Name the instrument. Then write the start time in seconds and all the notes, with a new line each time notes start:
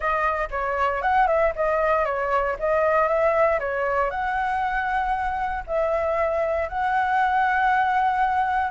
flute
0.00 D#5
0.50 C#5
1.02 F#5
1.27 E5
1.55 D#5
2.05 C#5
2.59 D#5
3.08 E5
3.59 C#5
4.10 F#5
5.66 E5
6.68 F#5